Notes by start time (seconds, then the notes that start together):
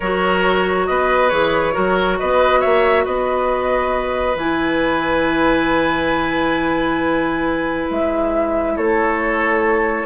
0.00 F#3 F#4 A#4 C#5
0.86 B3 B4 D#5
1.29 E3 G#4 C#5
1.72 F#3 F#4 A#4
2.18 B3 B4 D#5
2.60 A#3 C#5 E5
3.04 B3 B4 D#5
4.35 E3 E4 G#5
7.90 G#3 E5
8.76 A3 A4 C#5